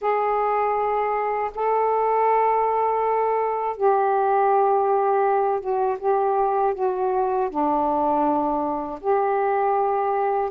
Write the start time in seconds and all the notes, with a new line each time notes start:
0.01 G#4
1.54 A4
3.76 G4
5.60 F#4
5.99 G4
6.74 F#4
7.49 D4
9.00 G4